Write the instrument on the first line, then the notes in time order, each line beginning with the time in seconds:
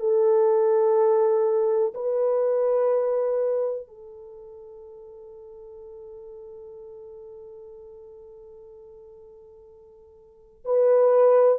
horn
0.00 A4
1.94 B4
3.88 A4
10.65 B4